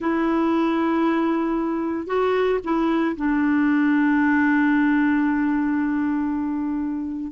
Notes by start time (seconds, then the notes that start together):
0.00 E4
2.07 F#4
2.63 E4
3.16 D4